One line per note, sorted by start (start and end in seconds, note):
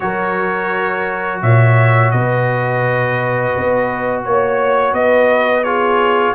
0.00 1.42 F#3
0.00 5.64 F#4
0.00 1.42 A#4
0.00 1.41 C#5
1.42 2.12 A#2
1.42 2.12 C#5
1.42 2.10 E5
2.10 3.54 B2
2.10 4.25 B4
2.10 4.22 D#5
3.56 4.24 B3
4.24 4.92 A#3
4.24 4.94 C#5
4.24 4.95 C#5
4.92 6.33 B3
4.92 5.64 B4
4.92 5.63 D#5
5.63 6.35 F4
5.63 6.35 G#4
5.63 6.34 C#5